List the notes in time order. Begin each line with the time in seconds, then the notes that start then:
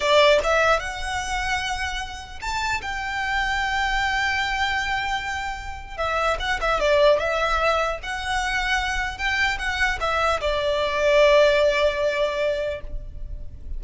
0.00 D5
0.43 E5
0.79 F#5
2.41 A5
2.81 G5
5.97 E5
6.39 F#5
6.61 E5
6.79 D5
7.19 E5
8.02 F#5
9.18 G5
9.58 F#5
10.00 E5
10.41 D5